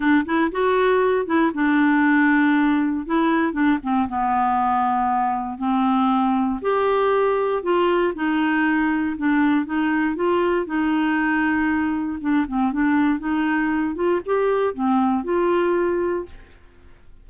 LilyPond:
\new Staff \with { instrumentName = "clarinet" } { \time 4/4 \tempo 4 = 118 d'8 e'8 fis'4. e'8 d'4~ | d'2 e'4 d'8 c'8 | b2. c'4~ | c'4 g'2 f'4 |
dis'2 d'4 dis'4 | f'4 dis'2. | d'8 c'8 d'4 dis'4. f'8 | g'4 c'4 f'2 | }